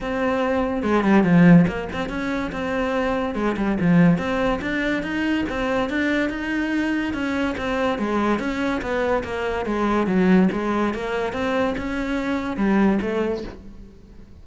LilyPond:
\new Staff \with { instrumentName = "cello" } { \time 4/4 \tempo 4 = 143 c'2 gis8 g8 f4 | ais8 c'8 cis'4 c'2 | gis8 g8 f4 c'4 d'4 | dis'4 c'4 d'4 dis'4~ |
dis'4 cis'4 c'4 gis4 | cis'4 b4 ais4 gis4 | fis4 gis4 ais4 c'4 | cis'2 g4 a4 | }